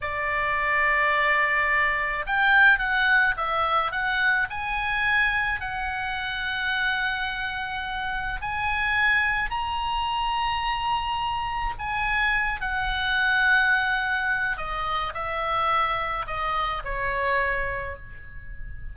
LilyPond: \new Staff \with { instrumentName = "oboe" } { \time 4/4 \tempo 4 = 107 d''1 | g''4 fis''4 e''4 fis''4 | gis''2 fis''2~ | fis''2. gis''4~ |
gis''4 ais''2.~ | ais''4 gis''4. fis''4.~ | fis''2 dis''4 e''4~ | e''4 dis''4 cis''2 | }